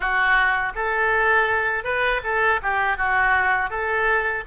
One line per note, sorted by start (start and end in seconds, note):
0.00 0.72 F#4
0.75 1.84 A4
1.84 2.21 B4
2.23 2.60 A4
2.62 2.97 G4
2.97 3.69 F#4
3.69 4.43 A4